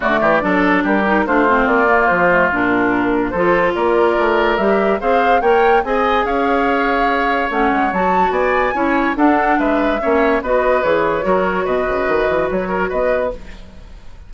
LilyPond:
<<
  \new Staff \with { instrumentName = "flute" } { \time 4/4 \tempo 4 = 144 d''2 ais'4 c''4 | d''4 c''4 ais'2 | c''4 d''2 e''4 | f''4 g''4 gis''4 f''4~ |
f''2 fis''4 a''4 | gis''2 fis''4 e''4~ | e''4 dis''4 cis''2 | dis''2 cis''4 dis''4 | }
  \new Staff \with { instrumentName = "oboe" } { \time 4/4 fis'8 g'8 a'4 g'4 f'4~ | f'1 | a'4 ais'2. | c''4 cis''4 dis''4 cis''4~ |
cis''1 | d''4 cis''4 a'4 b'4 | cis''4 b'2 ais'4 | b'2~ b'8 ais'8 b'4 | }
  \new Staff \with { instrumentName = "clarinet" } { \time 4/4 a4 d'4. dis'8 d'8 c'8~ | c'8 ais4 a8 d'2 | f'2. g'4 | gis'4 ais'4 gis'2~ |
gis'2 cis'4 fis'4~ | fis'4 e'4 d'2 | cis'4 fis'4 gis'4 fis'4~ | fis'1 | }
  \new Staff \with { instrumentName = "bassoon" } { \time 4/4 d8 e8 fis4 g4 a4 | ais4 f4 ais,2 | f4 ais4 a4 g4 | c'4 ais4 c'4 cis'4~ |
cis'2 a8 gis8 fis4 | b4 cis'4 d'4 gis4 | ais4 b4 e4 fis4 | b,8 cis8 dis8 e8 fis4 b4 | }
>>